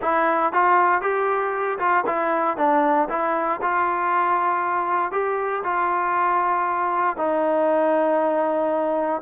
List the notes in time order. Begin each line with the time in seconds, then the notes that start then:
0.01 E4
0.52 F4
1.01 G4
1.78 F4
2.06 E4
2.57 D4
3.09 E4
3.61 F4
5.11 G4
5.63 F4
7.16 D#4